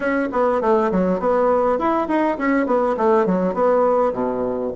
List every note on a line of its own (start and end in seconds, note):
0.00 0.28 C#4
0.32 0.61 B3
0.61 0.91 A3
0.91 1.19 F#3
1.19 1.78 B3
1.78 2.07 E4
2.07 2.37 D#4
2.38 2.66 C#4
2.66 2.96 B3
2.97 3.25 A3
3.25 3.54 F#3
3.54 4.13 B3
4.13 4.72 B2